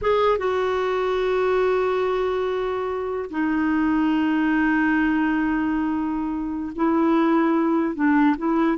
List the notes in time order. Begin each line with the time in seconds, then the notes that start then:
0.01 G#4
0.38 F#4
3.30 D#4
6.75 E4
7.95 D4
8.37 E4